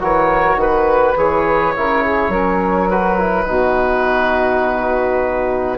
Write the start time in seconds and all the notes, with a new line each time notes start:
0.00 E3 F#4 A#4 C#5
0.56 D#3 B4
1.16 E3 G#4 C#5
1.76 C#3 E4 A#4
2.04 G#4
2.28 F#3 C#4 A#4
2.90 F#4 B4
3.19 E4
3.47 B2 D#4 F#4